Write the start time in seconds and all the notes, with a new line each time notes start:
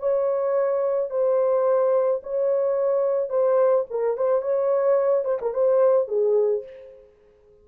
0.00 C#5
1.11 C5
2.23 C#5
3.30 C5
3.91 A#4
4.17 C5
4.42 C#5
5.25 C5
5.42 A#4
5.54 C5
6.08 G#4